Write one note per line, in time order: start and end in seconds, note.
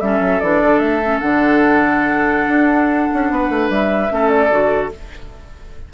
0.00 0.20 G3
0.00 0.42 C#4
0.00 3.33 A4
0.00 0.40 E5
0.20 0.40 F#3
0.40 0.62 E3
0.40 1.02 D4
0.40 0.78 D5
0.62 0.79 D3
0.78 1.19 A3
0.78 1.18 E5
1.03 1.21 C#4
1.20 2.48 D3
1.20 4.09 D4
1.20 3.70 F#5
2.48 3.08 D4
3.14 3.30 C#4
3.30 3.49 B3
3.30 4.12 B4
3.49 3.69 A3
3.69 4.09 G3
3.69 4.29 E5
4.09 4.50 A3
4.09 4.49 C#4
4.09 4.93 A4
4.29 4.89 D5
4.50 4.90 D3
4.50 4.90 F#4